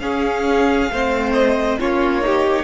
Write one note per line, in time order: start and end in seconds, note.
0.00 0.90 C#4
0.00 0.91 G#4
0.00 1.32 F5
0.90 1.78 A3
0.90 1.80 C4
0.90 1.80 C5
1.34 1.78 D#5
1.80 2.64 A#3
1.80 2.22 C#4
1.80 2.24 F4
1.80 2.64 C#5
2.22 2.64 D#4
2.22 2.64 G4